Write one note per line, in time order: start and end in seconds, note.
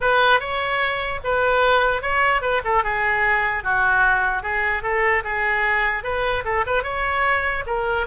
0.01 0.40 B4
0.40 1.20 C#5
1.24 2.02 B4
2.02 2.41 C#5
2.41 2.61 B4
2.64 2.83 A4
2.83 3.63 G#4
3.63 4.42 F#4
4.42 4.82 G#4
4.82 5.23 A4
5.24 6.03 G#4
6.03 6.43 B4
6.44 6.64 A4
6.66 6.83 B4
6.83 7.63 C#5
7.66 8.06 A#4